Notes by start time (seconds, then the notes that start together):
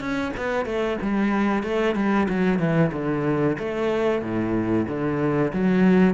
0.00 C#4
0.37 B3
0.66 A3
1.02 G3
1.63 A3
1.96 G3
2.29 F#3
2.59 E3
2.93 D3
3.59 A3
4.22 A2
4.88 D3
5.54 F#3